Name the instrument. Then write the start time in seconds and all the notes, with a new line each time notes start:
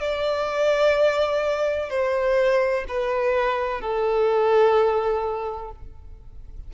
violin
0.00 D5
1.89 C5
2.88 B4
3.81 A4